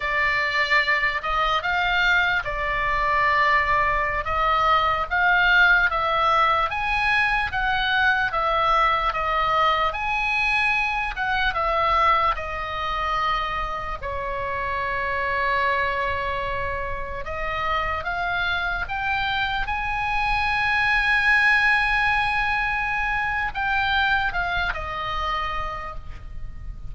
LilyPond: \new Staff \with { instrumentName = "oboe" } { \time 4/4 \tempo 4 = 74 d''4. dis''8 f''4 d''4~ | d''4~ d''16 dis''4 f''4 e''8.~ | e''16 gis''4 fis''4 e''4 dis''8.~ | dis''16 gis''4. fis''8 e''4 dis''8.~ |
dis''4~ dis''16 cis''2~ cis''8.~ | cis''4~ cis''16 dis''4 f''4 g''8.~ | g''16 gis''2.~ gis''8.~ | gis''4 g''4 f''8 dis''4. | }